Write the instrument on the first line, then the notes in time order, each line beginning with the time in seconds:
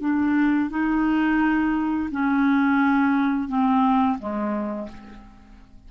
clarinet
0.00 D4
0.70 D#4
2.11 C#4
3.48 C4
4.18 G#3